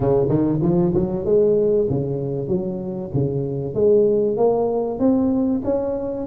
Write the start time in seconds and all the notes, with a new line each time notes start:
0.00 C#3
0.28 D#3
0.62 F3
0.94 F#3
1.25 G#3
1.89 C#3
2.48 F#3
3.13 C#3
3.74 G#3
4.36 A#3
4.99 C4
5.64 C#4